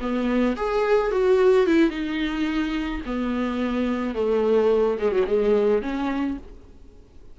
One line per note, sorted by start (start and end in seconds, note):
0.00 0.56 B3
0.56 1.11 G#4
1.11 1.66 F#4
1.66 1.90 E4
1.90 3.01 D#4
3.06 4.14 B3
4.14 4.98 A3
4.98 5.11 G#3
5.11 5.25 F#3
5.27 5.82 G#3
5.82 6.37 C#4